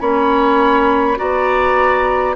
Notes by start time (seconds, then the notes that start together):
0.00 A#3 C#4 C#5 B5
1.16 B3 F#4 D5 A#5